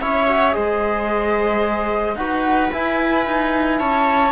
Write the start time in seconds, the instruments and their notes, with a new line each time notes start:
0.00 cello C#4, trombone E4, viola C#5, flute E5
0.28 trombone F#4
0.52 cello G#3, trombone G#4, viola C5, flute D#5
2.15 cello D#4, trombone F#4, viola B4, flute F#5
2.71 trombone E4, cello E4, flute G#5
3.26 cello D#4
3.78 cello C#4, viola C#5, flute A5